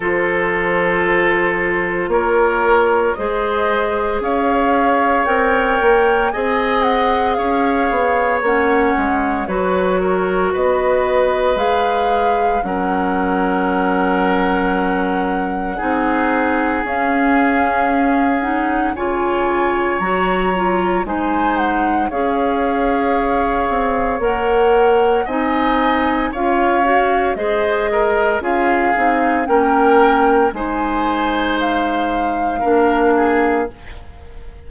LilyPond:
<<
  \new Staff \with { instrumentName = "flute" } { \time 4/4 \tempo 4 = 57 c''2 cis''4 dis''4 | f''4 g''4 gis''8 fis''8 f''4 | fis''4 cis''4 dis''4 f''4 | fis''1 |
f''4. fis''8 gis''4 ais''4 | gis''8 fis''8 f''2 fis''4 | gis''4 f''4 dis''4 f''4 | g''4 gis''4 f''2 | }
  \new Staff \with { instrumentName = "oboe" } { \time 4/4 a'2 ais'4 c''4 | cis''2 dis''4 cis''4~ | cis''4 b'8 ais'8 b'2 | ais'2. gis'4~ |
gis'2 cis''2 | c''4 cis''2. | dis''4 cis''4 c''8 ais'8 gis'4 | ais'4 c''2 ais'8 gis'8 | }
  \new Staff \with { instrumentName = "clarinet" } { \time 4/4 f'2. gis'4~ | gis'4 ais'4 gis'2 | cis'4 fis'2 gis'4 | cis'2. dis'4 |
cis'4. dis'8 f'4 fis'8 f'8 | dis'4 gis'2 ais'4 | dis'4 f'8 fis'8 gis'4 f'8 dis'8 | cis'4 dis'2 d'4 | }
  \new Staff \with { instrumentName = "bassoon" } { \time 4/4 f2 ais4 gis4 | cis'4 c'8 ais8 c'4 cis'8 b8 | ais8 gis8 fis4 b4 gis4 | fis2. c'4 |
cis'2 cis4 fis4 | gis4 cis'4. c'8 ais4 | c'4 cis'4 gis4 cis'8 c'8 | ais4 gis2 ais4 | }
>>